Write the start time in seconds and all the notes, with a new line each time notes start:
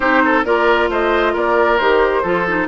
0.00 C4 D#4 G4 C5
0.24 A4
0.44 A#3 F4 A#4 D5
0.89 A3 C5 D#5
1.33 A#3 A#4 D5
1.78 D#3 G4 C5
2.22 F3 F4 A4
2.47 D#4